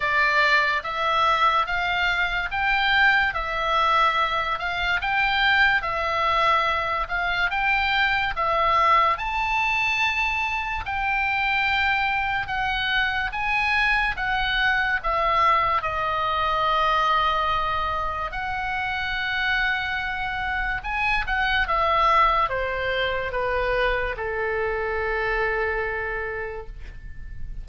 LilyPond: \new Staff \with { instrumentName = "oboe" } { \time 4/4 \tempo 4 = 72 d''4 e''4 f''4 g''4 | e''4. f''8 g''4 e''4~ | e''8 f''8 g''4 e''4 a''4~ | a''4 g''2 fis''4 |
gis''4 fis''4 e''4 dis''4~ | dis''2 fis''2~ | fis''4 gis''8 fis''8 e''4 c''4 | b'4 a'2. | }